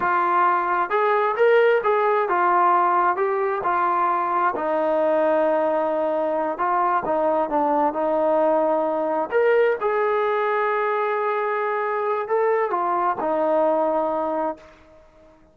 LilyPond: \new Staff \with { instrumentName = "trombone" } { \time 4/4 \tempo 4 = 132 f'2 gis'4 ais'4 | gis'4 f'2 g'4 | f'2 dis'2~ | dis'2~ dis'8 f'4 dis'8~ |
dis'8 d'4 dis'2~ dis'8~ | dis'8 ais'4 gis'2~ gis'8~ | gis'2. a'4 | f'4 dis'2. | }